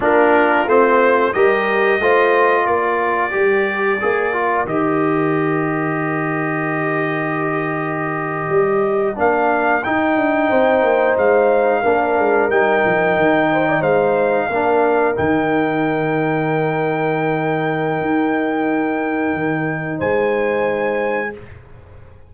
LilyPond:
<<
  \new Staff \with { instrumentName = "trumpet" } { \time 4/4 \tempo 4 = 90 ais'4 c''4 dis''2 | d''2. dis''4~ | dis''1~ | dis''4.~ dis''16 f''4 g''4~ g''16~ |
g''8. f''2 g''4~ g''16~ | g''8. f''2 g''4~ g''16~ | g''1~ | g''2 gis''2 | }
  \new Staff \with { instrumentName = "horn" } { \time 4/4 f'2 ais'4 c''4 | ais'1~ | ais'1~ | ais'2.~ ais'8. c''16~ |
c''4.~ c''16 ais'2~ ais'16~ | ais'16 c''16 d''16 c''4 ais'2~ ais'16~ | ais'1~ | ais'2 c''2 | }
  \new Staff \with { instrumentName = "trombone" } { \time 4/4 d'4 c'4 g'4 f'4~ | f'4 g'4 gis'8 f'8 g'4~ | g'1~ | g'4.~ g'16 d'4 dis'4~ dis'16~ |
dis'4.~ dis'16 d'4 dis'4~ dis'16~ | dis'4.~ dis'16 d'4 dis'4~ dis'16~ | dis'1~ | dis'1 | }
  \new Staff \with { instrumentName = "tuba" } { \time 4/4 ais4 a4 g4 a4 | ais4 g4 ais4 dis4~ | dis1~ | dis8. g4 ais4 dis'8 d'8 c'16~ |
c'16 ais8 gis4 ais8 gis8 g8 f8 dis16~ | dis8. gis4 ais4 dis4~ dis16~ | dis2. dis'4~ | dis'4 dis4 gis2 | }
>>